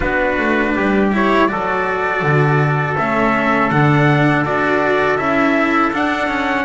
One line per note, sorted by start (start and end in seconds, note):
0.00 0.38 B3
0.00 1.11 D4
0.00 0.73 F#4
0.00 1.10 B4
0.38 0.75 A3
0.76 1.50 G3
0.76 1.50 G4
1.12 1.48 E4
1.12 1.47 C#5
1.47 2.22 F#3
1.47 2.96 F#4
1.47 6.64 A4
1.47 2.96 D5
2.22 2.96 D3
2.97 3.71 A3
2.97 3.71 C#4
2.97 3.70 E5
3.70 4.45 D3
3.70 4.45 D4
3.70 4.44 F#5
4.45 5.17 D4
4.45 5.18 F#4
4.45 5.17 D5
5.17 5.91 C#4
5.17 5.92 E4
5.17 5.91 E5
5.93 6.28 D4
5.93 6.64 D4
5.93 6.64 F#5
6.28 6.64 C#4